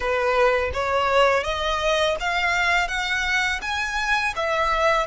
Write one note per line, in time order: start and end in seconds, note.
0.00 0.71 B4
0.73 1.43 C#5
1.43 2.16 D#5
2.20 2.88 F5
2.88 3.60 F#5
3.61 4.34 G#5
4.36 5.06 E5